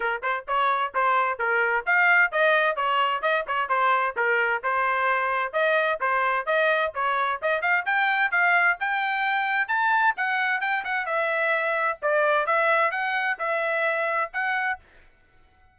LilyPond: \new Staff \with { instrumentName = "trumpet" } { \time 4/4 \tempo 4 = 130 ais'8 c''8 cis''4 c''4 ais'4 | f''4 dis''4 cis''4 dis''8 cis''8 | c''4 ais'4 c''2 | dis''4 c''4 dis''4 cis''4 |
dis''8 f''8 g''4 f''4 g''4~ | g''4 a''4 fis''4 g''8 fis''8 | e''2 d''4 e''4 | fis''4 e''2 fis''4 | }